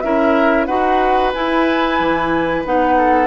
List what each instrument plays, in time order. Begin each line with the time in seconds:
0.00 bassoon C#4, clarinet E4, oboe A#4, flute E5
0.66 bassoon D#4, clarinet F#4, oboe B4, flute F#5
1.33 clarinet E4, bassoon E4, flute G#5
1.99 bassoon E3
2.65 bassoon B3, clarinet D#4, flute F#5
2.97 oboe A4